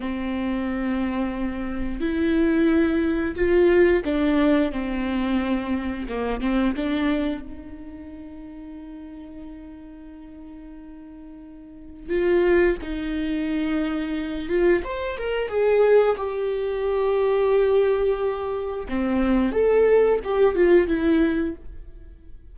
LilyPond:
\new Staff \with { instrumentName = "viola" } { \time 4/4 \tempo 4 = 89 c'2. e'4~ | e'4 f'4 d'4 c'4~ | c'4 ais8 c'8 d'4 dis'4~ | dis'1~ |
dis'2 f'4 dis'4~ | dis'4. f'8 c''8 ais'8 gis'4 | g'1 | c'4 a'4 g'8 f'8 e'4 | }